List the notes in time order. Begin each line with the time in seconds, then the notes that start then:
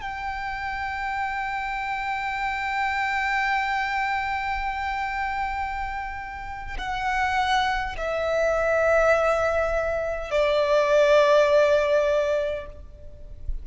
0.00 G5
6.78 F#5
7.97 E5
10.30 D5